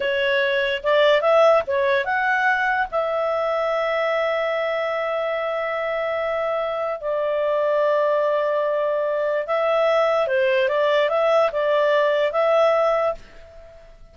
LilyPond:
\new Staff \with { instrumentName = "clarinet" } { \time 4/4 \tempo 4 = 146 cis''2 d''4 e''4 | cis''4 fis''2 e''4~ | e''1~ | e''1~ |
e''4 d''2.~ | d''2. e''4~ | e''4 c''4 d''4 e''4 | d''2 e''2 | }